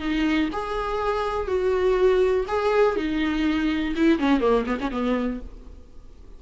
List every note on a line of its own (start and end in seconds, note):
0.00 0.49 D#4
0.53 1.48 G#4
1.48 2.46 F#4
2.48 2.96 G#4
2.96 3.95 D#4
3.96 4.19 E4
4.19 4.40 C#4
4.40 4.65 A#3
4.66 4.79 B3
4.81 4.91 C#4
4.91 5.41 B3